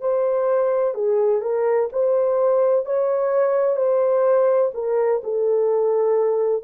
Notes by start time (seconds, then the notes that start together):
0.00 C5
0.94 G#4
1.41 A#4
1.92 C5
2.85 C#5
3.76 C5
4.74 A#4
5.23 A4